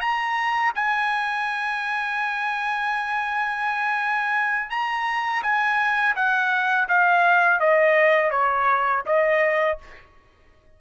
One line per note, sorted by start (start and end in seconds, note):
0.00 0.72 A#5
0.75 4.70 G#5
4.70 5.42 A#5
5.42 6.15 G#5
6.15 6.88 F#5
6.88 7.60 F5
7.60 8.31 D#5
8.31 9.03 C#5
9.06 9.78 D#5